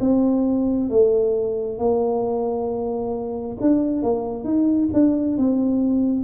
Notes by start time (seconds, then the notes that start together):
0.00 C4
0.90 A3
1.78 A#3
3.61 D4
4.03 A#3
4.44 D#4
4.93 D4
5.37 C4